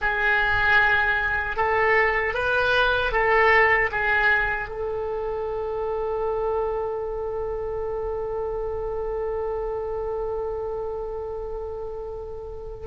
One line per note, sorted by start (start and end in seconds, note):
0.01 1.56 G#4
1.56 2.34 A4
2.34 3.12 B4
3.12 3.90 A4
3.91 4.68 G#4
4.68 12.86 A4